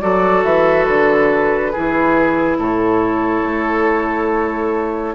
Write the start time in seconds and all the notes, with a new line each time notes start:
0.00 F#3 F#4 A4 D5
0.43 E3 E5
0.84 D3 B4
1.72 E3 E4 G#4
2.57 A2 A4 C#5
3.44 A3